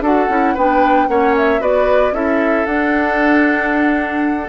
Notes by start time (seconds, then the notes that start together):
0.00 D4 F#4 A4 F#5
0.28 C#4 E4
0.54 B3 D4 B4 G5
1.08 A#3 C#4 C#5 F#5
1.37 E5
1.60 B3 F#4 B4 D5
2.12 C#4 E4 A4 E5
2.65 D4 F#5